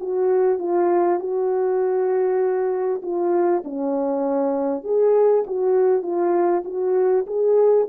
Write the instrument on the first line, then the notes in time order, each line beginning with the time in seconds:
horn
0.00 F#4
0.59 F4
1.20 F#4
3.02 F4
3.64 C#4
4.84 G#4
5.47 F#4
6.02 F4
6.65 F#4
7.27 G#4